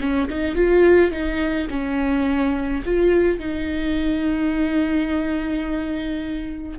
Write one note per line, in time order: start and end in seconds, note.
0.00 0.28 C#4
0.29 0.55 D#4
0.55 1.11 F4
1.11 1.67 D#4
1.70 2.83 C#4
2.85 3.39 F4
3.39 6.78 D#4